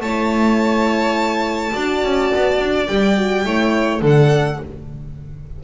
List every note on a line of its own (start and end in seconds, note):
0.00 1.71 A3
0.00 1.73 E4
0.00 1.73 C#5
0.00 2.86 A5
1.73 2.03 D4
1.73 2.87 F#4
1.73 3.45 D5
2.03 2.32 C#4
2.34 2.59 B3
2.59 2.87 D4
2.86 3.45 G3
2.86 3.16 G4
2.86 4.01 G5
3.16 3.44 F#4
3.44 4.02 A3
3.44 4.01 E4
3.44 4.01 C#5
4.01 4.59 D3
4.01 4.59 D4
4.01 4.59 A4
4.01 4.64 F#5